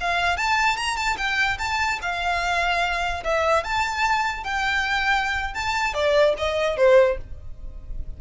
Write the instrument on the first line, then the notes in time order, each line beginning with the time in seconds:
violin
0.00 F5
0.37 A5
0.76 A#5
0.96 A5
1.17 G5
1.58 A5
2.01 F5
3.24 E5
3.64 A5
4.43 G5
5.54 A5
5.94 D5
6.37 D#5
6.77 C5